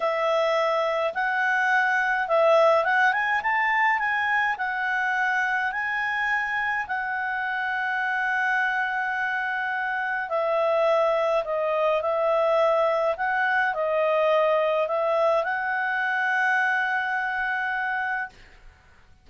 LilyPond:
\new Staff \with { instrumentName = "clarinet" } { \time 4/4 \tempo 4 = 105 e''2 fis''2 | e''4 fis''8 gis''8 a''4 gis''4 | fis''2 gis''2 | fis''1~ |
fis''2 e''2 | dis''4 e''2 fis''4 | dis''2 e''4 fis''4~ | fis''1 | }